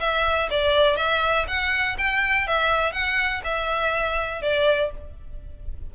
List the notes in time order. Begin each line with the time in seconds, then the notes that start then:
0.00 E5
0.50 D5
0.96 E5
1.48 F#5
1.98 G5
2.47 E5
2.92 F#5
3.44 E5
4.42 D5